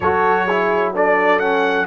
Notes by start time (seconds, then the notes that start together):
0.00 F#3 F#4 A4 C#5
0.45 E4 G#4
0.94 D4 A4 D5
1.39 C#4 F#5